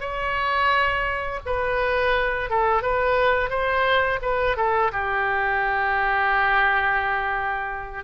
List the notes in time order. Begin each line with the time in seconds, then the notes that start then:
0.00 C#5
1.46 B4
2.50 A4
2.82 B4
3.50 C5
4.21 B4
4.57 A4
4.92 G4